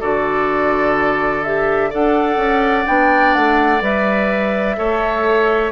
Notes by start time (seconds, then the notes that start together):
0.00 D3 F#4 A4 D5
1.43 G4 E5
1.90 D4 A4 D5 F#5
2.37 C#4
2.85 B3 D4 G5
3.34 A3 F#5
3.81 G3 B4 E5
4.76 A3 A4 C#5